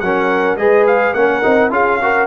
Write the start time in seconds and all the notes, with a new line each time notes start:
0.00 F#3 C#4 A#4 F#5
0.56 G#3 G#4 B4 D#5
0.87 F5
1.14 A#3 C#4 A#4 F#5
1.42 C4 D#4
1.70 C#4 F4 G#4 F5
2.02 F#4 A#4